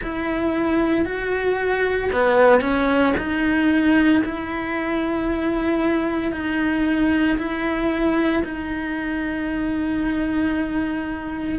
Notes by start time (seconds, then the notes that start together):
0.02 E4
1.05 F#4
2.12 B3
2.60 C#4
3.17 D#4
4.24 E4
6.32 D#4
7.37 E4
8.44 D#4